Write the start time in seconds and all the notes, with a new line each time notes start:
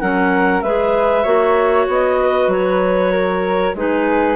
0.00 F#3 C#4 A#4 F#5
0.61 G#3 G#4 B4 E5
1.23 A#3 F#4 C#5
1.88 B3 D#5
2.21 B4
2.47 F#3 C#5
3.12 A#4
3.74 G#3 D#4 G#4 B4